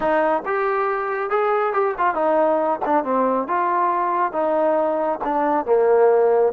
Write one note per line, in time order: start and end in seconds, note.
0.00 0.42 D#4
0.45 1.29 G4
1.29 1.73 G#4
1.73 1.95 G4
1.97 2.14 F4
2.14 2.79 D#4
2.85 3.04 D4
3.04 3.47 C4
3.47 4.32 F4
4.32 5.19 D#4
5.24 5.65 D4
5.65 6.52 A#3